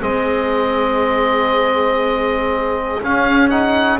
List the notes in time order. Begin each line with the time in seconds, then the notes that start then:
0.00 G#3 C4 G#4 D#5
3.01 C#4 F5
3.49 D#4 F#5